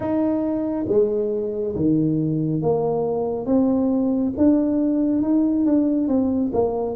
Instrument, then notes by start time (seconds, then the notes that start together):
tuba
0.00 D#4
0.88 G#3
1.75 D#3
2.61 A#3
3.45 C4
4.37 D4
5.22 D#4
5.65 D4
6.08 C4
6.53 A#3